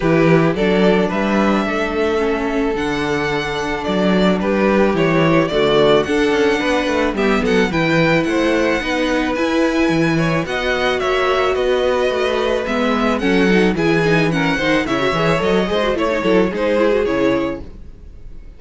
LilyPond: <<
  \new Staff \with { instrumentName = "violin" } { \time 4/4 \tempo 4 = 109 b'4 d''4 e''2~ | e''4 fis''2 d''4 | b'4 cis''4 d''4 fis''4~ | fis''4 e''8 fis''8 g''4 fis''4~ |
fis''4 gis''2 fis''4 | e''4 dis''2 e''4 | fis''4 gis''4 fis''4 e''4 | dis''4 cis''4 c''4 cis''4 | }
  \new Staff \with { instrumentName = "violin" } { \time 4/4 g'4 a'4 b'4 a'4~ | a'1 | g'2 fis'4 a'4 | b'4 g'8 a'8 b'4 c''4 |
b'2~ b'8 cis''8 dis''4 | cis''4 b'2. | a'4 gis'4 ais'8 c''8 cis''4~ | cis''8 c''8 cis''8 a'8 gis'2 | }
  \new Staff \with { instrumentName = "viola" } { \time 4/4 e'4 d'2. | cis'4 d'2.~ | d'4 e'4 a4 d'4~ | d'4 b4 e'2 |
dis'4 e'2 fis'4~ | fis'2. b4 | cis'8 dis'8 e'8 dis'8 cis'8 dis'8 e'16 fis'16 gis'8 | a'8 gis'16 fis'16 e'16 dis'16 e'8 dis'8 e'16 fis'16 e'4 | }
  \new Staff \with { instrumentName = "cello" } { \time 4/4 e4 fis4 g4 a4~ | a4 d2 fis4 | g4 e4 d4 d'8 cis'8 | b8 a8 g8 fis8 e4 a4 |
b4 e'4 e4 b4 | ais4 b4 a4 gis4 | fis4 e4. dis8 cis8 e8 | fis8 gis8 a8 fis8 gis4 cis4 | }
>>